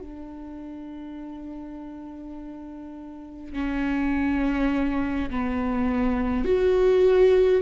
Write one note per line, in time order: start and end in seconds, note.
0.00 3.53 D4
3.53 5.29 C#4
5.30 6.45 B3
6.45 7.62 F#4